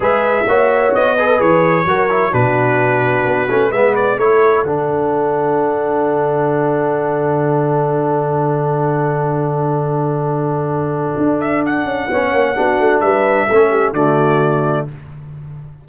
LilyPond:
<<
  \new Staff \with { instrumentName = "trumpet" } { \time 4/4 \tempo 4 = 129 e''2 dis''4 cis''4~ | cis''4 b'2. | e''8 d''8 cis''4 fis''2~ | fis''1~ |
fis''1~ | fis''1~ | fis''8 e''8 fis''2. | e''2 d''2 | }
  \new Staff \with { instrumentName = "horn" } { \time 4/4 b'4 cis''4. b'4. | ais'4 fis'2. | b'4 a'2.~ | a'1~ |
a'1~ | a'1~ | a'2 cis''4 fis'4 | b'4 a'8 g'8 fis'2 | }
  \new Staff \with { instrumentName = "trombone" } { \time 4/4 gis'4 fis'4. gis'16 a'16 gis'4 | fis'8 e'8 d'2~ d'8 cis'8 | b4 e'4 d'2~ | d'1~ |
d'1~ | d'1~ | d'2 cis'4 d'4~ | d'4 cis'4 a2 | }
  \new Staff \with { instrumentName = "tuba" } { \time 4/4 gis4 ais4 b4 e4 | fis4 b,2 b8 a8 | gis4 a4 d2~ | d1~ |
d1~ | d1 | d'4. cis'8 b8 ais8 b8 a8 | g4 a4 d2 | }
>>